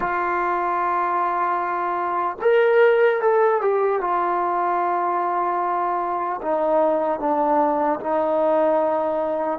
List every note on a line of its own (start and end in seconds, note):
0.00 2.36 F4
2.41 3.21 A#4
3.21 3.61 A4
3.61 4.00 G4
4.00 6.40 F4
6.41 7.19 D#4
7.19 7.99 D4
8.00 9.59 D#4